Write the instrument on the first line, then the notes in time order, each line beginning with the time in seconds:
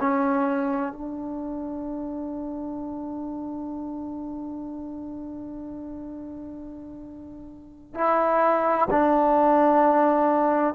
trombone
0.00 C#4
0.92 D4
7.94 E4
8.90 D4